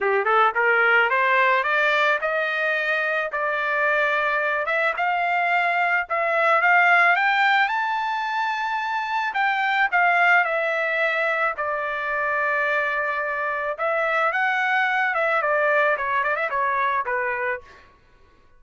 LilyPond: \new Staff \with { instrumentName = "trumpet" } { \time 4/4 \tempo 4 = 109 g'8 a'8 ais'4 c''4 d''4 | dis''2 d''2~ | d''8 e''8 f''2 e''4 | f''4 g''4 a''2~ |
a''4 g''4 f''4 e''4~ | e''4 d''2.~ | d''4 e''4 fis''4. e''8 | d''4 cis''8 d''16 e''16 cis''4 b'4 | }